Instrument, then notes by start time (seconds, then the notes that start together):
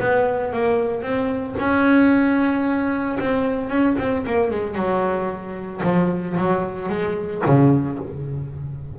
double bass
0.00 B3
0.53 A#3
1.02 C4
1.59 C#4
3.20 C4
3.70 C#4
3.98 C4
4.26 A#3
4.51 G#3
4.75 F#3
5.83 F3
6.37 F#3
6.89 G#3
7.46 C#3